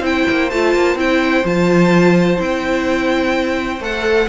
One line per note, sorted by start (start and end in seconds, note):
0.00 0.24 C4
0.00 0.49 E4
0.00 4.27 C5
0.00 0.49 G5
0.29 0.51 A#3
0.49 0.74 A3
0.49 0.97 F4
0.49 0.97 A5
0.74 0.95 A#3
0.95 1.42 C4
0.95 1.44 E4
0.95 1.46 G5
1.44 2.38 F3
1.44 2.37 F4
1.44 2.40 A5
2.37 3.80 C4
2.37 3.78 E4
2.37 3.82 G5
3.80 4.27 A3
3.80 4.28 A4
3.80 4.28 F#5